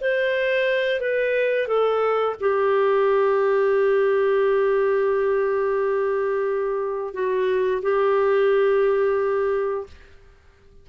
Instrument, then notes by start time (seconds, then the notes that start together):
clarinet
0.00 C5
1.00 B4
1.67 A4
2.40 G4
7.13 F#4
7.82 G4